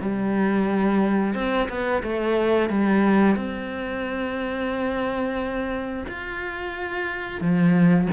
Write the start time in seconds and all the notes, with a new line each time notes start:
0.00 G3
1.34 C4
1.69 B3
2.03 A3
2.69 G3
3.36 C4
6.08 F4
7.40 F3